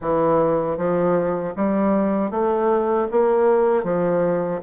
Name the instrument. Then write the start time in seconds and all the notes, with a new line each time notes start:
bassoon
0.01 E3
0.77 F3
1.56 G3
2.30 A3
3.11 A#3
3.83 F3